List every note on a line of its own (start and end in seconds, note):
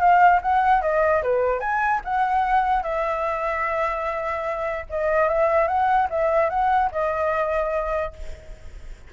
0.00 0.41 F5
0.42 0.82 F#5
0.82 1.23 D#5
1.23 1.60 B4
1.60 2.01 G#5
2.05 2.83 F#5
2.83 4.86 E5
4.90 5.29 D#5
5.29 5.68 E5
5.68 6.08 F#5
6.10 6.50 E5
6.50 6.90 F#5
6.92 8.13 D#5